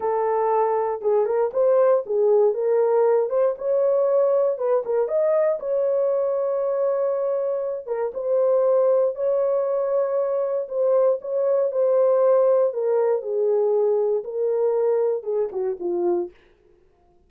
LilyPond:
\new Staff \with { instrumentName = "horn" } { \time 4/4 \tempo 4 = 118 a'2 gis'8 ais'8 c''4 | gis'4 ais'4. c''8 cis''4~ | cis''4 b'8 ais'8 dis''4 cis''4~ | cis''2.~ cis''8 ais'8 |
c''2 cis''2~ | cis''4 c''4 cis''4 c''4~ | c''4 ais'4 gis'2 | ais'2 gis'8 fis'8 f'4 | }